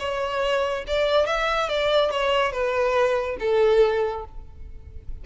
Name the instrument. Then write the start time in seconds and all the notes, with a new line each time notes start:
violin
0.00 C#5
0.88 D5
1.27 E5
1.69 D5
2.11 C#5
2.53 B4
3.40 A4